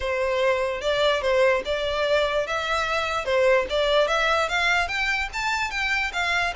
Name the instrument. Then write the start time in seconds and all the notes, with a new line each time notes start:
violin
0.00 C5
0.81 D5
1.21 C5
1.65 D5
2.46 E5
3.25 C5
3.69 D5
4.07 E5
4.49 F5
4.88 G5
5.33 A5
5.71 G5
6.12 F5